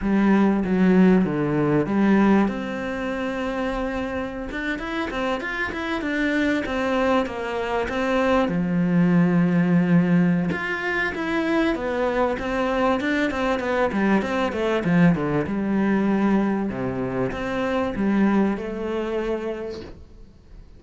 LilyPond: \new Staff \with { instrumentName = "cello" } { \time 4/4 \tempo 4 = 97 g4 fis4 d4 g4 | c'2.~ c'16 d'8 e'16~ | e'16 c'8 f'8 e'8 d'4 c'4 ais16~ | ais8. c'4 f2~ f16~ |
f4 f'4 e'4 b4 | c'4 d'8 c'8 b8 g8 c'8 a8 | f8 d8 g2 c4 | c'4 g4 a2 | }